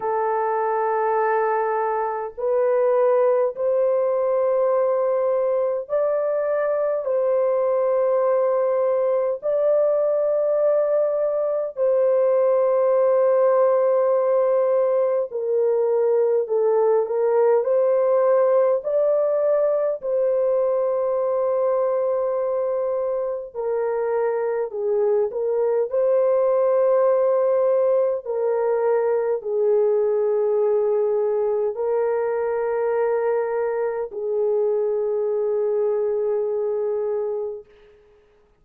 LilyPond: \new Staff \with { instrumentName = "horn" } { \time 4/4 \tempo 4 = 51 a'2 b'4 c''4~ | c''4 d''4 c''2 | d''2 c''2~ | c''4 ais'4 a'8 ais'8 c''4 |
d''4 c''2. | ais'4 gis'8 ais'8 c''2 | ais'4 gis'2 ais'4~ | ais'4 gis'2. | }